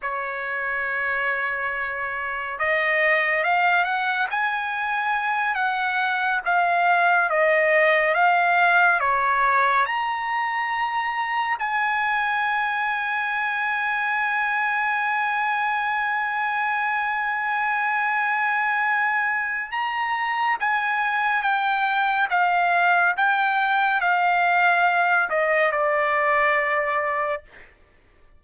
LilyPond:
\new Staff \with { instrumentName = "trumpet" } { \time 4/4 \tempo 4 = 70 cis''2. dis''4 | f''8 fis''8 gis''4. fis''4 f''8~ | f''8 dis''4 f''4 cis''4 ais''8~ | ais''4. gis''2~ gis''8~ |
gis''1~ | gis''2. ais''4 | gis''4 g''4 f''4 g''4 | f''4. dis''8 d''2 | }